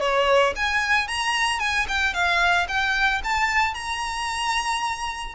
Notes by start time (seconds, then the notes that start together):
0.00 C#5
0.56 G#5
1.08 A#5
1.59 G#5
1.88 G5
2.14 F5
2.68 G5
3.24 A5
3.74 A#5